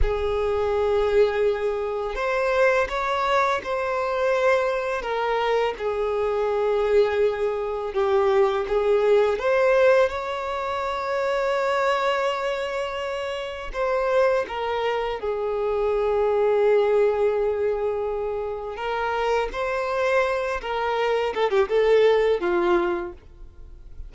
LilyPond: \new Staff \with { instrumentName = "violin" } { \time 4/4 \tempo 4 = 83 gis'2. c''4 | cis''4 c''2 ais'4 | gis'2. g'4 | gis'4 c''4 cis''2~ |
cis''2. c''4 | ais'4 gis'2.~ | gis'2 ais'4 c''4~ | c''8 ais'4 a'16 g'16 a'4 f'4 | }